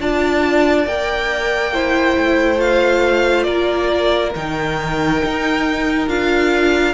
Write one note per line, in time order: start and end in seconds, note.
0.00 0.87 D4
0.00 0.87 F4
0.00 1.74 D5
0.00 0.87 A5
0.87 2.17 A#3
0.87 1.74 A#4
0.87 2.61 G5
1.74 2.58 E4
1.74 3.46 C5
2.18 3.48 A3
2.58 4.32 F4
2.58 3.44 F5
3.44 4.35 A#3
3.44 6.94 A#4
3.44 4.31 D5
4.35 5.22 D#3
4.35 6.08 D#4
4.35 6.09 G5
5.24 6.08 D#4
6.08 6.94 D4
6.08 6.94 F4
6.08 6.94 F5